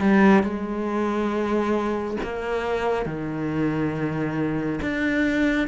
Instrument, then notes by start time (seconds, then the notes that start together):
cello
0.00 G3
0.43 G#3
2.23 A#3
3.06 D#3
4.82 D4